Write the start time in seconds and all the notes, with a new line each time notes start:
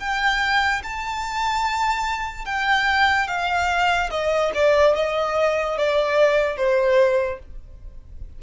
0.00 G5
0.83 A5
2.45 G5
3.28 F5
4.11 D#5
4.55 D5
4.96 D#5
5.78 D5
6.57 C5